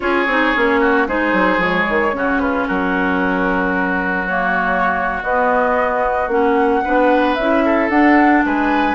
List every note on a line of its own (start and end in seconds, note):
0.00 0.27 C#4
0.00 0.26 F4
0.00 0.80 G#4
0.00 1.06 C#5
0.27 0.53 C4
0.27 0.55 D#4
0.55 1.07 A#3
0.55 1.08 C#4
0.80 1.07 F#4
1.07 1.32 G#3
1.07 1.60 D#4
1.07 2.15 G#4
1.07 1.61 C5
1.32 1.57 F#3
1.57 1.84 F3
1.57 2.13 G#3
1.57 2.39 C#5
1.88 2.13 D#3
2.13 2.67 C#3
2.13 4.27 C#4
2.13 2.41 F#4
2.39 2.67 F4
2.39 2.66 B4
2.67 5.22 F#3
2.67 6.82 F#4
2.67 4.27 A#4
4.27 5.22 A#3
4.27 5.21 C#5
5.22 6.27 B3
5.22 6.29 B3
5.22 6.30 D#5
6.27 6.81 A#3
6.27 6.83 C#4
6.27 7.34 F#5
6.83 7.37 B3
6.83 7.38 D4
6.83 7.64 B4
7.34 7.89 C#4
7.34 7.91 E4
7.34 7.88 E5
7.64 8.45 A4
7.89 8.43 D4
7.89 8.94 D4
7.89 8.43 F#5
8.45 8.94 G#3
8.45 8.94 B4
8.45 8.94 G#5